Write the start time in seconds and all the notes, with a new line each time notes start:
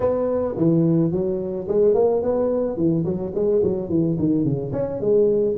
0.00 B3
0.56 E3
1.11 F#3
1.67 G#3
1.94 A#3
2.22 B3
2.76 E3
3.04 F#3
3.34 G#3
3.63 F#3
3.89 E3
4.18 D#3
4.44 C#3
4.72 C#4
5.00 G#3